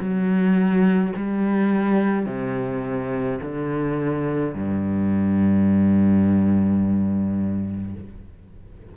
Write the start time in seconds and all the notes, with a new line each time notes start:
0.00 F#3
1.16 G3
2.26 C3
3.42 D3
4.55 G2